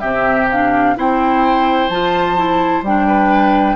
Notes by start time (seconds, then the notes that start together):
0.00 C3 C4 G4 E5
0.51 D4 F5
0.96 C4 E4 C5 G5
1.89 F3 F4 A5
2.37 E4
2.82 G3 D4 G5
3.08 B4